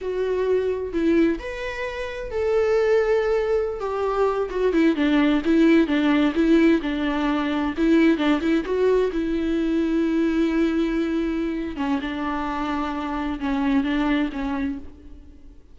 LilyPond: \new Staff \with { instrumentName = "viola" } { \time 4/4 \tempo 4 = 130 fis'2 e'4 b'4~ | b'4 a'2.~ | a'16 g'4. fis'8 e'8 d'4 e'16~ | e'8. d'4 e'4 d'4~ d'16~ |
d'8. e'4 d'8 e'8 fis'4 e'16~ | e'1~ | e'4. cis'8 d'2~ | d'4 cis'4 d'4 cis'4 | }